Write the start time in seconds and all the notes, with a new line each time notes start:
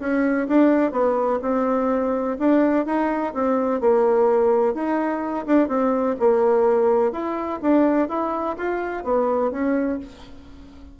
0.00 C#4
0.48 D4
0.92 B3
1.42 C4
2.39 D4
2.86 D#4
3.34 C4
3.81 A#3
4.74 D#4
5.46 D4
5.68 C4
6.20 A#3
7.12 E4
7.62 D4
8.09 E4
8.57 F4
9.04 B3
9.52 C#4